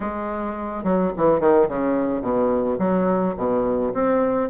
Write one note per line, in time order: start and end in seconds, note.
0.00 0.83 G#3
0.83 1.11 F#3
1.16 1.40 E3
1.40 1.68 D#3
1.68 2.21 C#3
2.21 2.77 B2
2.78 3.34 F#3
3.36 3.93 B2
3.93 4.49 C4